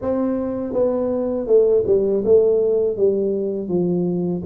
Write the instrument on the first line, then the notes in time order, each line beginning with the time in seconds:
tuba
0.01 C4
0.73 B3
1.46 A3
1.86 G3
2.25 A3
2.96 G3
3.68 F3